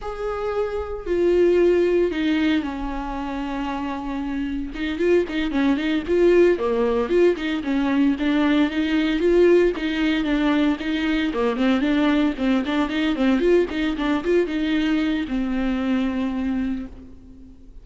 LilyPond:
\new Staff \with { instrumentName = "viola" } { \time 4/4 \tempo 4 = 114 gis'2 f'2 | dis'4 cis'2.~ | cis'4 dis'8 f'8 dis'8 cis'8 dis'8 f'8~ | f'8 ais4 f'8 dis'8 cis'4 d'8~ |
d'8 dis'4 f'4 dis'4 d'8~ | d'8 dis'4 ais8 c'8 d'4 c'8 | d'8 dis'8 c'8 f'8 dis'8 d'8 f'8 dis'8~ | dis'4 c'2. | }